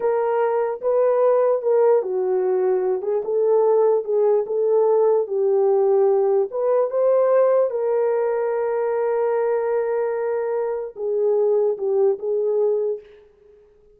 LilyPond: \new Staff \with { instrumentName = "horn" } { \time 4/4 \tempo 4 = 148 ais'2 b'2 | ais'4 fis'2~ fis'8 gis'8 | a'2 gis'4 a'4~ | a'4 g'2. |
b'4 c''2 ais'4~ | ais'1~ | ais'2. gis'4~ | gis'4 g'4 gis'2 | }